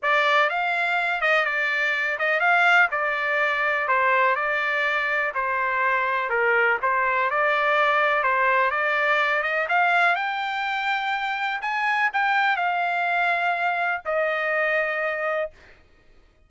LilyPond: \new Staff \with { instrumentName = "trumpet" } { \time 4/4 \tempo 4 = 124 d''4 f''4. dis''8 d''4~ | d''8 dis''8 f''4 d''2 | c''4 d''2 c''4~ | c''4 ais'4 c''4 d''4~ |
d''4 c''4 d''4. dis''8 | f''4 g''2. | gis''4 g''4 f''2~ | f''4 dis''2. | }